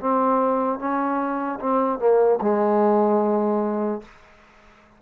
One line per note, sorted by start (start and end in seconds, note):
0.00 0.79 C4
0.79 1.59 C#4
1.60 1.99 C4
1.99 2.39 A#3
2.41 4.01 G#3